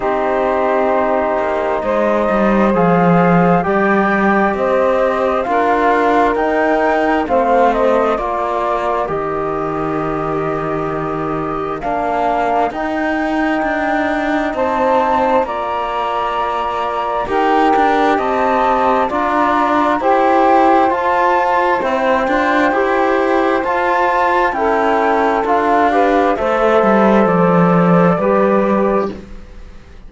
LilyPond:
<<
  \new Staff \with { instrumentName = "flute" } { \time 4/4 \tempo 4 = 66 c''2 dis''4 f''4 | g''4 dis''4 f''4 g''4 | f''8 dis''8 d''4 dis''2~ | dis''4 f''4 g''2 |
a''4 ais''2 g''4 | a''4 ais''4 g''4 a''4 | g''2 a''4 g''4 | f''4 e''4 d''2 | }
  \new Staff \with { instrumentName = "saxophone" } { \time 4/4 g'2 c''2 | d''4 c''4 ais'2 | c''4 ais'2.~ | ais'1 |
c''4 d''2 ais'4 | dis''4 d''4 c''2~ | c''2. a'4~ | a'8 b'8 c''2 b'4 | }
  \new Staff \with { instrumentName = "trombone" } { \time 4/4 dis'2. gis'4 | g'2 f'4 dis'4 | c'4 f'4 g'2~ | g'4 d'4 dis'2~ |
dis'4 f'2 g'4~ | g'4 f'4 g'4 f'4 | e'8 f'8 g'4 f'4 e'4 | f'8 g'8 a'2 g'4 | }
  \new Staff \with { instrumentName = "cello" } { \time 4/4 c'4. ais8 gis8 g8 f4 | g4 c'4 d'4 dis'4 | a4 ais4 dis2~ | dis4 ais4 dis'4 d'4 |
c'4 ais2 dis'8 d'8 | c'4 d'4 e'4 f'4 | c'8 d'8 e'4 f'4 cis'4 | d'4 a8 g8 f4 g4 | }
>>